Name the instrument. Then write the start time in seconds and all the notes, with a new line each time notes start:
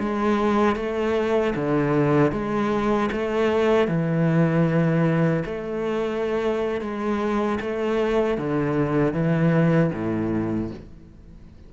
cello
0.00 G#3
0.77 A3
1.56 D3
2.32 G#3
3.12 A3
3.88 E3
5.46 A3
6.81 G#3
7.61 A3
8.38 D3
9.14 E3
9.94 A2